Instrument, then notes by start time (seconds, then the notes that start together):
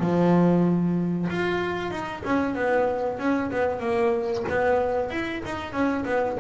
double bass
0.00 F3
1.30 F4
1.91 D#4
2.25 C#4
2.55 B3
3.19 C#4
3.51 B3
3.80 A#3
4.49 B3
5.10 E4
5.45 D#4
5.73 C#4
6.05 B3